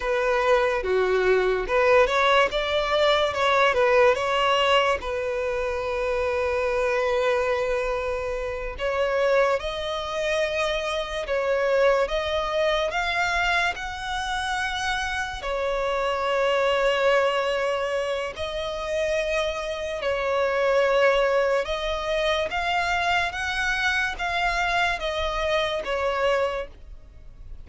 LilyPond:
\new Staff \with { instrumentName = "violin" } { \time 4/4 \tempo 4 = 72 b'4 fis'4 b'8 cis''8 d''4 | cis''8 b'8 cis''4 b'2~ | b'2~ b'8 cis''4 dis''8~ | dis''4. cis''4 dis''4 f''8~ |
f''8 fis''2 cis''4.~ | cis''2 dis''2 | cis''2 dis''4 f''4 | fis''4 f''4 dis''4 cis''4 | }